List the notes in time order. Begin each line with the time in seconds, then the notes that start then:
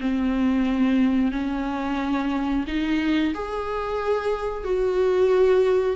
0.00 C4
1.32 C#4
2.67 D#4
3.34 G#4
4.64 F#4